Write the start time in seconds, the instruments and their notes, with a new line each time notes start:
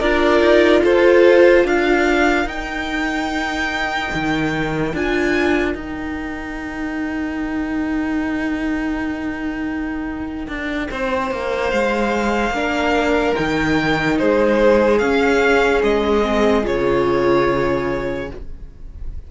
0.00 cello D4, viola F4, violin A#4 D5
0.41 cello D#4
0.83 cello F4, violin A4 C5
1.64 cello D4, violin A#4 F5
2.45 cello D#4, viola D#4, violin G5
4.14 cello D#3
4.93 cello D4, viola F4, violin G#5
5.75 cello D#4, viola D#4, violin G5
10.48 cello D4
10.91 cello C4, violin C5
11.31 cello A#3
11.70 cello G#3, violin F5
12.50 cello A#3, viola D4, violin A#4
13.35 cello D#3, viola D#4, violin G5
14.18 cello G#3, violin G#4 C5
14.99 viola C#4, cello C#4, violin F5
15.83 cello G#3, violin D#5
16.23 viola C4
16.63 cello C#3, viola F4, violin C#5